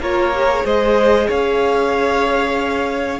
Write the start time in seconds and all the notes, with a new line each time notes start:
0.00 A#3 F4 A#4 C#5
0.34 G4
0.49 G#4
0.64 G#3 C5 D#5
1.28 C#4 C#5 F5